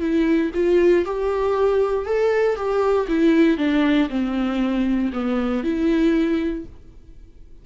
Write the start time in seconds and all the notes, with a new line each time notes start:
0.00 E4
0.54 F4
1.05 G4
2.05 A4
2.56 G4
3.08 E4
3.58 D4
4.09 C4
5.13 B3
5.63 E4